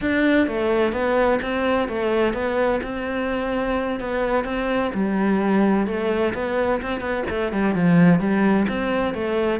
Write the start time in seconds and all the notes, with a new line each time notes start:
0.01 D4
0.47 A3
0.92 B3
1.41 C4
1.88 A3
2.33 B3
2.82 C4
4.00 B3
4.44 C4
4.94 G3
5.86 A3
6.34 B3
6.82 C4
7.00 B3
7.29 A3
7.52 G3
7.75 F3
8.19 G3
8.68 C4
9.14 A3